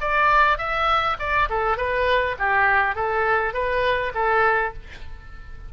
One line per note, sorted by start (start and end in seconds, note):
0.00 0.58 D5
0.58 1.17 E5
1.19 1.48 D5
1.50 1.77 A4
1.77 2.36 B4
2.39 2.95 G4
2.95 3.53 A4
3.53 4.12 B4
4.14 4.73 A4